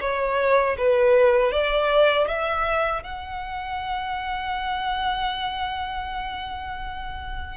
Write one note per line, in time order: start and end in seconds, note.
0.00 0.76 C#5
0.77 1.51 B4
1.51 2.27 D5
2.27 3.02 E5
3.02 7.57 F#5